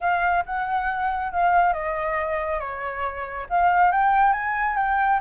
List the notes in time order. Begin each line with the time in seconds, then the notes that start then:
0.00 F5
0.45 F#5
1.32 F5
1.73 D#5
2.59 C#5
3.49 F5
3.91 G5
4.32 G#5
4.76 G5